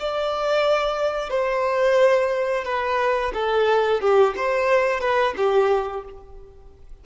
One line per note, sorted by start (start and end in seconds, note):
0.00 1.30 D5
1.30 2.64 C5
2.65 3.32 B4
3.34 4.01 A4
4.01 4.35 G4
4.37 5.01 C5
5.01 5.34 B4
5.37 6.04 G4